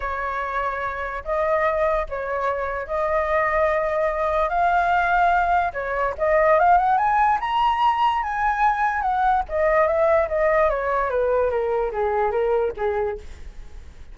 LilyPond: \new Staff \with { instrumentName = "flute" } { \time 4/4 \tempo 4 = 146 cis''2. dis''4~ | dis''4 cis''2 dis''4~ | dis''2. f''4~ | f''2 cis''4 dis''4 |
f''8 fis''8 gis''4 ais''2 | gis''2 fis''4 dis''4 | e''4 dis''4 cis''4 b'4 | ais'4 gis'4 ais'4 gis'4 | }